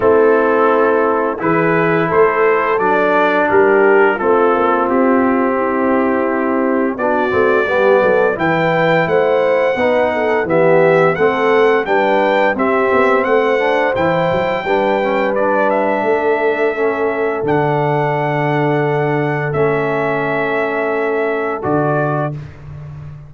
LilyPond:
<<
  \new Staff \with { instrumentName = "trumpet" } { \time 4/4 \tempo 4 = 86 a'2 b'4 c''4 | d''4 ais'4 a'4 g'4~ | g'2 d''2 | g''4 fis''2 e''4 |
fis''4 g''4 e''4 fis''4 | g''2 d''8 e''4.~ | e''4 fis''2. | e''2. d''4 | }
  \new Staff \with { instrumentName = "horn" } { \time 4/4 e'2 gis'4 a'4~ | a'4 g'4 f'2 | e'2 fis'4 g'8 a'8 | b'4 c''4 b'8 a'8 g'4 |
a'4 b'4 g'4 c''4~ | c''4 b'2 a'4~ | a'1~ | a'1 | }
  \new Staff \with { instrumentName = "trombone" } { \time 4/4 c'2 e'2 | d'2 c'2~ | c'2 d'8 c'8 b4 | e'2 dis'4 b4 |
c'4 d'4 c'4. d'8 | e'4 d'8 cis'8 d'2 | cis'4 d'2. | cis'2. fis'4 | }
  \new Staff \with { instrumentName = "tuba" } { \time 4/4 a2 e4 a4 | fis4 g4 a8 ais8 c'4~ | c'2 b8 a8 g8 fis8 | e4 a4 b4 e4 |
a4 g4 c'8 b8 a4 | e8 fis8 g2 a4~ | a4 d2. | a2. d4 | }
>>